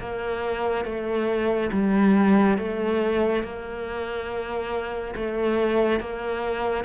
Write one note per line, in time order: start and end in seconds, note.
0.00 0.85 A#3
0.85 1.70 A3
1.72 2.58 G3
2.58 3.43 A3
3.43 5.14 A#3
5.15 6.00 A3
6.00 6.84 A#3